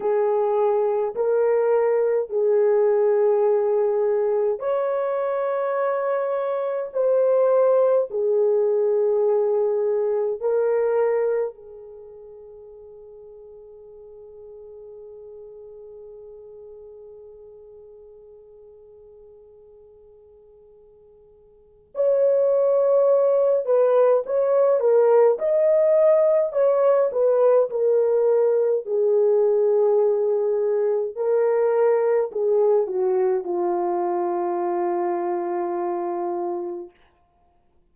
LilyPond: \new Staff \with { instrumentName = "horn" } { \time 4/4 \tempo 4 = 52 gis'4 ais'4 gis'2 | cis''2 c''4 gis'4~ | gis'4 ais'4 gis'2~ | gis'1~ |
gis'2. cis''4~ | cis''8 b'8 cis''8 ais'8 dis''4 cis''8 b'8 | ais'4 gis'2 ais'4 | gis'8 fis'8 f'2. | }